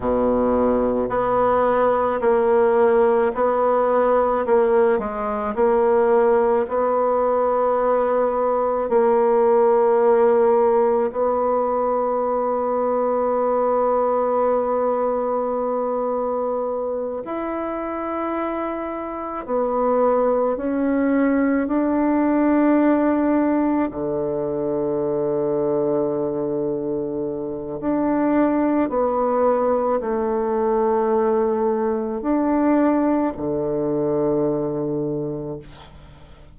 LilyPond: \new Staff \with { instrumentName = "bassoon" } { \time 4/4 \tempo 4 = 54 b,4 b4 ais4 b4 | ais8 gis8 ais4 b2 | ais2 b2~ | b2.~ b8 e'8~ |
e'4. b4 cis'4 d'8~ | d'4. d2~ d8~ | d4 d'4 b4 a4~ | a4 d'4 d2 | }